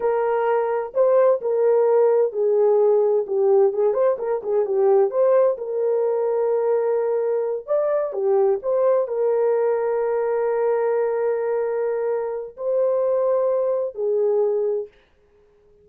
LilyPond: \new Staff \with { instrumentName = "horn" } { \time 4/4 \tempo 4 = 129 ais'2 c''4 ais'4~ | ais'4 gis'2 g'4 | gis'8 c''8 ais'8 gis'8 g'4 c''4 | ais'1~ |
ais'8 d''4 g'4 c''4 ais'8~ | ais'1~ | ais'2. c''4~ | c''2 gis'2 | }